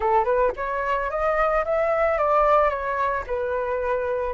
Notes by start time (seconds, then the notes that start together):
0.00 A4
0.24 B4
0.56 C#5
1.10 D#5
1.64 E5
2.17 D5
2.69 C#5
3.26 B4